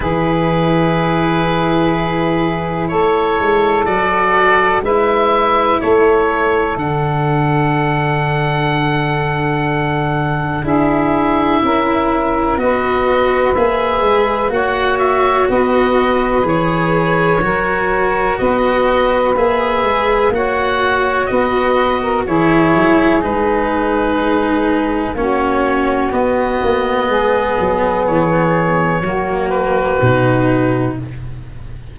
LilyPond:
<<
  \new Staff \with { instrumentName = "oboe" } { \time 4/4 \tempo 4 = 62 b'2. cis''4 | d''4 e''4 cis''4 fis''4~ | fis''2. e''4~ | e''4 dis''4 e''4 fis''8 e''8 |
dis''4 cis''2 dis''4 | e''4 fis''4 dis''4 cis''4 | b'2 cis''4 dis''4~ | dis''4 cis''4. b'4. | }
  \new Staff \with { instrumentName = "saxophone" } { \time 4/4 gis'2. a'4~ | a'4 b'4 a'2~ | a'2. gis'4 | ais'4 b'2 cis''4 |
b'2 ais'4 b'4~ | b'4 cis''4 b'8. ais'16 gis'4~ | gis'2 fis'2 | gis'2 fis'2 | }
  \new Staff \with { instrumentName = "cello" } { \time 4/4 e'1 | fis'4 e'2 d'4~ | d'2. e'4~ | e'4 fis'4 gis'4 fis'4~ |
fis'4 gis'4 fis'2 | gis'4 fis'2 e'4 | dis'2 cis'4 b4~ | b2 ais4 dis'4 | }
  \new Staff \with { instrumentName = "tuba" } { \time 4/4 e2. a8 gis8 | fis4 gis4 a4 d4~ | d2. d'4 | cis'4 b4 ais8 gis8 ais4 |
b4 e4 fis4 b4 | ais8 gis8 ais4 b4 e8 fis8 | gis2 ais4 b8 ais8 | gis8 fis8 e4 fis4 b,4 | }
>>